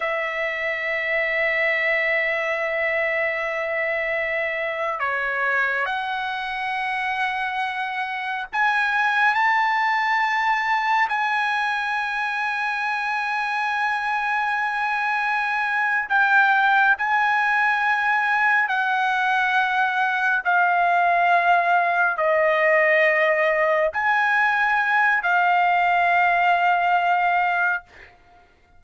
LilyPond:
\new Staff \with { instrumentName = "trumpet" } { \time 4/4 \tempo 4 = 69 e''1~ | e''4.~ e''16 cis''4 fis''4~ fis''16~ | fis''4.~ fis''16 gis''4 a''4~ a''16~ | a''8. gis''2.~ gis''16~ |
gis''2~ gis''8 g''4 gis''8~ | gis''4. fis''2 f''8~ | f''4. dis''2 gis''8~ | gis''4 f''2. | }